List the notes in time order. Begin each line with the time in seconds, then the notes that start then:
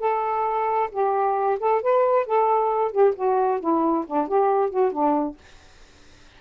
0.00 A4
0.92 G4
1.60 A4
1.82 B4
2.26 A4
2.92 G4
3.15 F#4
3.60 E4
4.06 D4
4.28 G4
4.70 F#4
4.92 D4